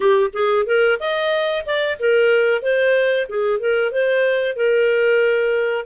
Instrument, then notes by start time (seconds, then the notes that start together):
clarinet
0.00 G4
0.33 G#4
0.66 A#4
0.99 D#5
1.65 D5
1.99 A#4
2.62 C5
3.28 G#4
3.59 A#4
3.91 C5
4.56 A#4